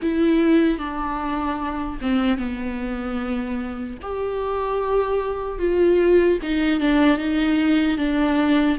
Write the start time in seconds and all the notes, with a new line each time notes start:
0.02 E4
0.78 D4
2.01 C4
2.37 B3
4.02 G4
5.59 F4
6.42 D#4
6.80 D4
7.17 D#4
7.97 D4